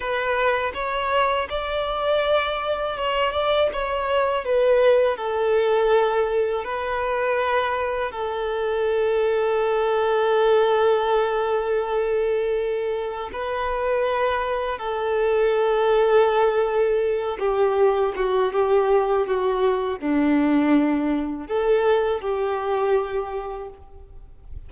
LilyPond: \new Staff \with { instrumentName = "violin" } { \time 4/4 \tempo 4 = 81 b'4 cis''4 d''2 | cis''8 d''8 cis''4 b'4 a'4~ | a'4 b'2 a'4~ | a'1~ |
a'2 b'2 | a'2.~ a'8 g'8~ | g'8 fis'8 g'4 fis'4 d'4~ | d'4 a'4 g'2 | }